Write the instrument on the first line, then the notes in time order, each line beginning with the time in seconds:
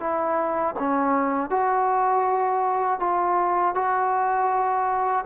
trombone
0.00 E4
0.79 C#4
1.50 F#4
3.00 F4
3.75 F#4